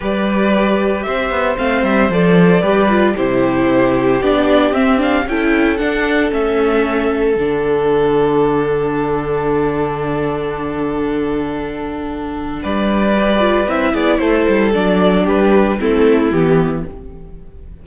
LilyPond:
<<
  \new Staff \with { instrumentName = "violin" } { \time 4/4 \tempo 4 = 114 d''2 e''4 f''8 e''8 | d''2 c''2 | d''4 e''8 f''8 g''4 fis''4 | e''2 fis''2~ |
fis''1~ | fis''1 | d''2 e''8 d''8 c''4 | d''4 b'4 a'4 g'4 | }
  \new Staff \with { instrumentName = "violin" } { \time 4/4 b'2 c''2~ | c''4 b'4 g'2~ | g'2 a'2~ | a'1~ |
a'1~ | a'1 | b'2~ b'8 gis'8 a'4~ | a'4 g'4 e'2 | }
  \new Staff \with { instrumentName = "viola" } { \time 4/4 g'2. c'4 | a'4 g'8 f'8 e'2 | d'4 c'8 d'8 e'4 d'4 | cis'2 d'2~ |
d'1~ | d'1~ | d'4 g'8 f'8 e'2 | d'2 c'4 b4 | }
  \new Staff \with { instrumentName = "cello" } { \time 4/4 g2 c'8 b8 a8 g8 | f4 g4 c2 | b4 c'4 cis'4 d'4 | a2 d2~ |
d1~ | d1 | g2 c'8 b8 a8 g8 | fis4 g4 a4 e4 | }
>>